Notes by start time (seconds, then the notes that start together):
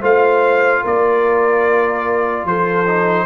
0.00 A3 F4 C5 F5
0.82 A#3 A#4 D5
2.44 F3 A4 C5
2.86 D#4